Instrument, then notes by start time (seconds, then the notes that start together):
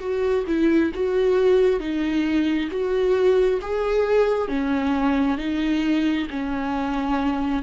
viola
0.00 F#4
0.47 E4
0.94 F#4
1.80 D#4
2.71 F#4
3.62 G#4
4.49 C#4
5.38 D#4
6.31 C#4